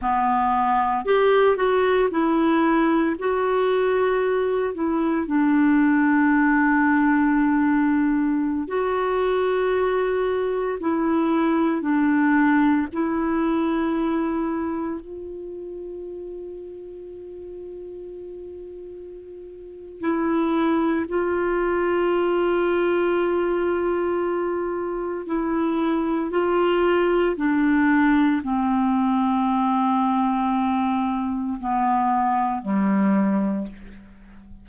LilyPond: \new Staff \with { instrumentName = "clarinet" } { \time 4/4 \tempo 4 = 57 b4 g'8 fis'8 e'4 fis'4~ | fis'8 e'8 d'2.~ | d'16 fis'2 e'4 d'8.~ | d'16 e'2 f'4.~ f'16~ |
f'2. e'4 | f'1 | e'4 f'4 d'4 c'4~ | c'2 b4 g4 | }